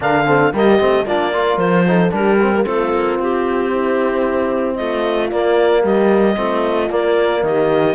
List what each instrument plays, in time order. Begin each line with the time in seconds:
0.00 cello D3, trombone D4, horn A#4, clarinet F5
0.25 trombone C4, horn A4
0.52 cello G3, trombone A#3, horn G4, clarinet D#5
0.78 cello A3, trombone C4
1.05 cello A#3, trombone D4, horn F4, clarinet D5
1.33 trombone F4, horn A#4
1.57 cello F3, clarinet C5
1.87 trombone D#4, horn A4
2.10 cello G3, trombone D4, horn G4, clarinet A#4
2.41 trombone C4
2.54 trombone A#3
2.64 cello A3, trombone C4, horn F4, clarinet A4
2.93 cello A#3
3.19 cello C4, clarinet G4
3.71 horn E4
4.75 cello A3, horn F4, clarinet D#5
5.30 trombone A#3, cello A#3, clarinet D5
5.83 cello G3, horn G4, clarinet D#5
6.35 cello A3, trombone C4, horn F4
6.89 cello A#3, trombone A#3, clarinet D5
7.42 cello D#3, horn G4, clarinet D#5